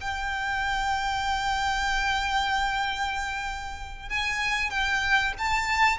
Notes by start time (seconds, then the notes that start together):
0.00 G5
4.09 G#5
4.70 G5
5.38 A5